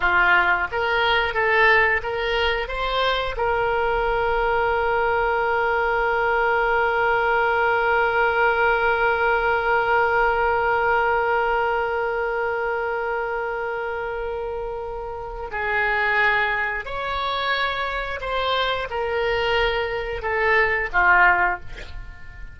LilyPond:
\new Staff \with { instrumentName = "oboe" } { \time 4/4 \tempo 4 = 89 f'4 ais'4 a'4 ais'4 | c''4 ais'2.~ | ais'1~ | ais'1~ |
ais'1~ | ais'2. gis'4~ | gis'4 cis''2 c''4 | ais'2 a'4 f'4 | }